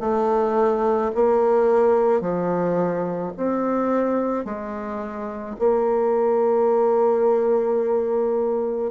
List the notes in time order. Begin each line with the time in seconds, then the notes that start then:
0.00 A3
1.15 A#3
2.21 F3
3.37 C4
4.45 G#3
5.59 A#3